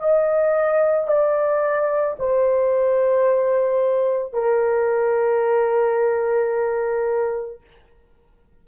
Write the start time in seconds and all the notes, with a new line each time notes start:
0.00 D#5
1.08 D5
2.19 C5
4.33 A#4